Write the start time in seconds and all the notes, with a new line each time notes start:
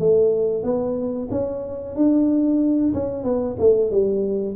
0.00 A3
0.64 B3
1.31 C#4
1.96 D4
2.94 C#4
3.24 B3
3.60 A3
3.92 G3